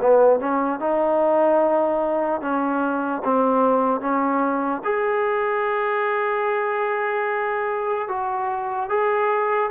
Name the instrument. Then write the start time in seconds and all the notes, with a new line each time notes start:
trombone
0.00 B3
0.39 C#4
0.79 D#4
2.41 C#4
3.24 C4
4.00 C#4
4.84 G#4
8.08 F#4
8.89 G#4